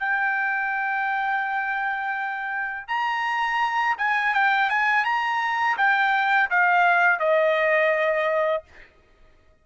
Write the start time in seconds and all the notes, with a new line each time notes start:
0.00 G5
2.88 A#5
3.99 G#5
4.35 G5
4.70 G#5
5.05 A#5
5.78 G5
6.51 F5
7.20 D#5